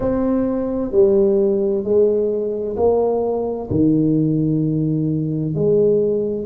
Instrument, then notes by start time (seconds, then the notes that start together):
tuba
0.00 C4
0.91 G3
1.83 G#3
2.76 A#3
3.70 D#3
5.54 G#3